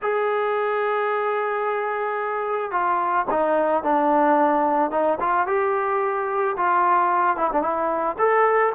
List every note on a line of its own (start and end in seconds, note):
0.01 2.71 G#4
2.71 3.25 F4
3.30 3.83 D#4
3.83 4.91 D4
4.91 5.18 D#4
5.20 5.47 F4
5.47 6.56 G4
6.56 7.36 F4
7.36 7.50 E4
7.52 7.62 D4
7.62 8.16 E4
8.18 8.72 A4